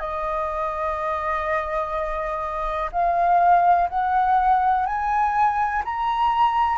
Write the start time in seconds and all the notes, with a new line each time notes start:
0.00 D#5
2.93 F5
3.90 F#5
4.86 G#5
5.85 A#5